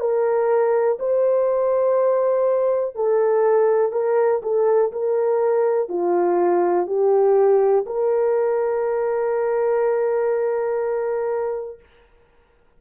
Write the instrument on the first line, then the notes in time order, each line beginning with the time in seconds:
horn
0.00 A#4
1.00 C5
2.96 A4
3.93 A#4
4.43 A4
4.92 A#4
5.89 F4
6.87 G4
7.86 A#4